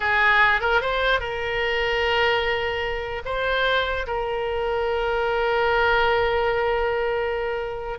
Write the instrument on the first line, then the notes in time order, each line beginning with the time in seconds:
oboe
0.00 G#4
0.60 A#4
0.81 C5
1.19 A#4
3.25 C5
4.06 A#4